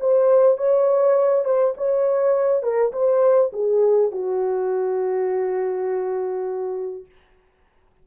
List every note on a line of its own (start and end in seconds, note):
0.00 0.58 C5
0.58 1.45 C#5
1.45 1.74 C5
1.77 2.63 C#5
2.63 2.92 A#4
2.93 3.51 C5
3.53 4.12 G#4
4.12 7.06 F#4